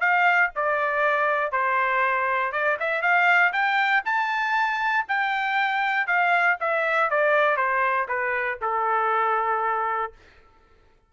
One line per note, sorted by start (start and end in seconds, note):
0.00 0.50 F5
0.55 1.52 D5
1.52 2.52 C5
2.52 2.77 D5
2.80 3.02 E5
3.02 3.52 F5
3.52 4.03 G5
4.05 5.06 A5
5.08 6.07 G5
6.07 6.57 F5
6.60 7.10 E5
7.10 7.57 D5
7.57 8.07 C5
8.08 8.59 B4
8.61 10.12 A4